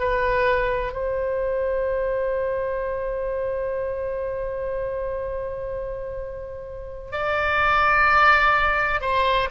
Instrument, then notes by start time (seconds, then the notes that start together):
oboe
0.00 B4
0.93 C5
7.12 D5
9.02 C5